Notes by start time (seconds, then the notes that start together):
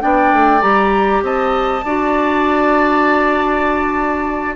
0.00 B3 D4 D5 G5
0.32 A3
0.61 G3 G4 A#5
1.22 C4 D#5 A5
1.85 D4 F#4 D5